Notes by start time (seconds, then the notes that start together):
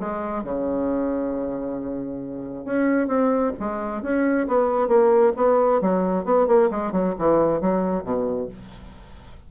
0.00 G#3
0.44 C#3
2.65 C#4
3.08 C4
3.60 G#3
4.03 C#4
4.48 B3
4.88 A#3
5.37 B3
5.82 F#3
6.25 B3
6.47 A#3
6.71 G#3
6.92 F#3
7.19 E3
7.61 F#3
8.04 B2